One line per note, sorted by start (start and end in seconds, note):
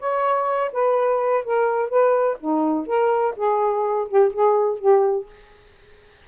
0.00 0.72 C#5
0.73 1.45 B4
1.45 1.90 A#4
1.90 2.38 B4
2.41 2.87 D#4
2.87 3.35 A#4
3.37 4.09 G#4
4.09 4.33 G4
4.34 4.79 G#4
4.79 5.27 G4